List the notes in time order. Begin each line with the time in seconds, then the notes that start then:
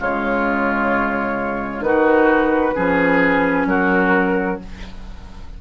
0.00 C#3 G#3 F4 C#5
1.79 D#3 D#4 F#4 B4
2.74 F3 C#4 G#4
3.66 F#3 F#4 A#4